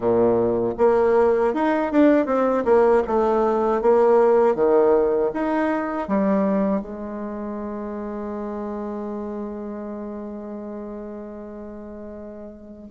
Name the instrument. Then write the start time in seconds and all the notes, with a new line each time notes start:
bassoon
0.00 A#2
0.78 A#3
1.54 D#4
1.92 D4
2.26 C4
2.64 A#3
3.07 A3
3.81 A#3
4.55 D#3
5.33 D#4
6.08 G3
6.81 G#3